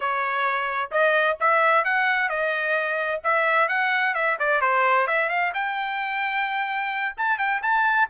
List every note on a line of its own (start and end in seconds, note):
0.00 0.90 C#5
0.91 1.37 D#5
1.40 1.84 E5
1.84 2.29 F#5
2.29 3.21 D#5
3.23 3.68 E5
3.68 4.14 F#5
4.14 4.37 E5
4.39 4.61 D5
4.61 5.07 C5
5.07 5.29 E5
5.29 5.52 F5
5.53 7.15 G5
7.17 7.38 A5
7.38 7.61 G5
7.62 8.08 A5